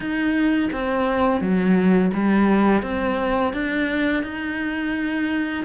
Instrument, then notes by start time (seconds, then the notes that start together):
cello
0.00 D#4
0.72 C4
1.40 F#3
2.13 G3
2.82 C4
3.53 D4
4.23 D#4